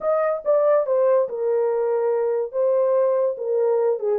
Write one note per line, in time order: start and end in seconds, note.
0.00 0.42 D#5
0.44 0.86 D5
0.86 1.28 C5
1.29 2.52 A#4
2.52 3.36 C5
3.37 3.99 A#4
3.99 4.19 G#4